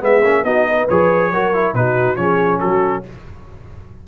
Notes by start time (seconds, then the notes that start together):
0.00 G#3 B3 G#4 E5
0.23 A#3 C#4
0.44 B3 D#4 F#4 D#5
0.68 B4
0.89 F3 G#4 C#5
1.32 F#3 F#4 A#4
1.54 E4
1.74 B2 D#4 F#4 B4
2.16 F3 C#4 G#4 C#5
2.60 F#3 F#4 A4